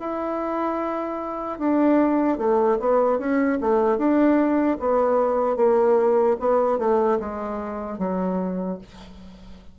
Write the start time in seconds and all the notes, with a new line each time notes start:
0.00 E4
1.59 D4
2.38 A3
2.80 B3
3.19 C#4
3.61 A3
3.98 D4
4.80 B3
5.56 A#3
6.40 B3
6.79 A3
7.20 G#3
7.99 F#3